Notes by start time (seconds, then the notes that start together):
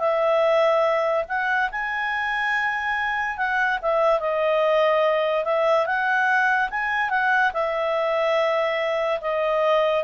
0.00 E5
1.29 F#5
1.72 G#5
3.38 F#5
3.82 E5
4.20 D#5
5.45 E5
5.87 F#5
6.70 G#5
7.11 F#5
7.54 E5
9.21 D#5